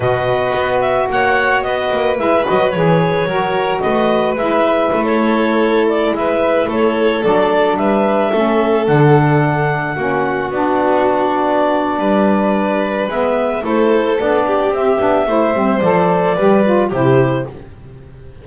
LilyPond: <<
  \new Staff \with { instrumentName = "clarinet" } { \time 4/4 \tempo 4 = 110 dis''4. e''8 fis''4 dis''4 | e''8 dis''8 cis''2 dis''4 | e''4~ e''16 cis''4. d''8 e''8.~ | e''16 cis''4 d''4 e''4.~ e''16~ |
e''16 fis''2. d''8.~ | d''1 | e''4 c''4 d''4 e''4~ | e''4 d''2 c''4 | }
  \new Staff \with { instrumentName = "violin" } { \time 4/4 b'2 cis''4 b'4~ | b'2 ais'4 b'4~ | b'4~ b'16 a'2 b'8.~ | b'16 a'2 b'4 a'8.~ |
a'2~ a'16 fis'4.~ fis'16~ | fis'2 b'2~ | b'4 a'4. g'4. | c''2 b'4 g'4 | }
  \new Staff \with { instrumentName = "saxophone" } { \time 4/4 fis'1 | e'8 fis'8 gis'4 fis'2 | e'1~ | e'4~ e'16 d'2 cis'8.~ |
cis'16 d'2 cis'4 d'8.~ | d'1 | b4 e'4 d'4 c'8 d'8 | e'8 c'8 a'4 g'8 f'8 e'4 | }
  \new Staff \with { instrumentName = "double bass" } { \time 4/4 b,4 b4 ais4 b8 ais8 | gis8 fis8 e4 fis4 a4 | gis4 a2~ a16 gis8.~ | gis16 a4 fis4 g4 a8.~ |
a16 d2 ais4 b8.~ | b2 g2 | gis4 a4 b4 c'8 b8 | a8 g8 f4 g4 c4 | }
>>